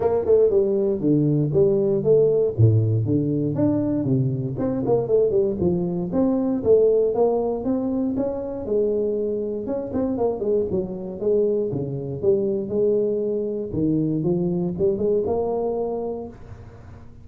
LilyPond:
\new Staff \with { instrumentName = "tuba" } { \time 4/4 \tempo 4 = 118 ais8 a8 g4 d4 g4 | a4 a,4 d4 d'4 | c4 c'8 ais8 a8 g8 f4 | c'4 a4 ais4 c'4 |
cis'4 gis2 cis'8 c'8 | ais8 gis8 fis4 gis4 cis4 | g4 gis2 dis4 | f4 g8 gis8 ais2 | }